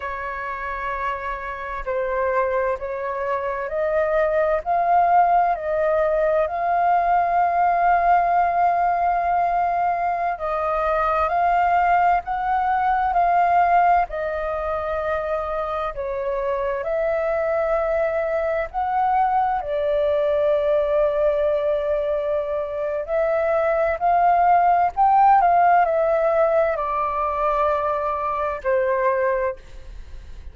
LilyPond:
\new Staff \with { instrumentName = "flute" } { \time 4/4 \tempo 4 = 65 cis''2 c''4 cis''4 | dis''4 f''4 dis''4 f''4~ | f''2.~ f''16 dis''8.~ | dis''16 f''4 fis''4 f''4 dis''8.~ |
dis''4~ dis''16 cis''4 e''4.~ e''16~ | e''16 fis''4 d''2~ d''8.~ | d''4 e''4 f''4 g''8 f''8 | e''4 d''2 c''4 | }